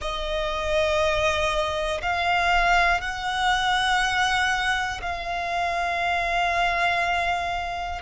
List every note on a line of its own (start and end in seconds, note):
0.01 2.01 D#5
2.01 3.00 F5
3.00 5.00 F#5
5.01 8.01 F5